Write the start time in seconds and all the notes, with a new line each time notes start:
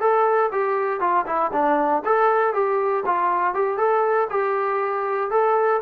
0.00 A4
0.52 G4
1.00 F4
1.26 E4
1.53 D4
2.05 A4
2.53 G4
3.06 F4
3.54 G4
3.77 A4
4.30 G4
5.31 A4